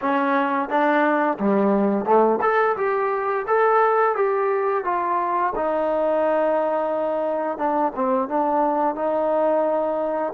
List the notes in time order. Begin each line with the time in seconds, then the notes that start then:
0.01 C#4
0.69 D4
1.39 G3
2.05 A3
2.41 A4
2.76 G4
3.47 A4
4.15 G4
4.84 F4
5.55 D#4
7.58 D4
7.95 C4
8.28 D4
8.95 D#4